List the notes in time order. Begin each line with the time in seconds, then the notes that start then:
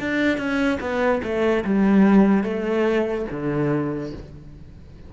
0.00 D4
0.38 C#4
0.81 B3
1.23 A3
1.65 G3
2.44 A3
3.31 D3